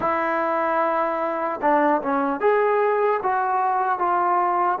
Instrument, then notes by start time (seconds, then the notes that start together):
trombone
0.00 E4
1.61 D4
2.02 C#4
2.40 G#4
3.23 F#4
3.99 F4